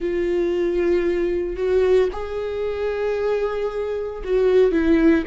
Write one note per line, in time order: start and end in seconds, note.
0.00 1.56 F4
1.56 2.09 F#4
2.12 4.22 G#4
4.23 4.71 F#4
4.71 5.23 E4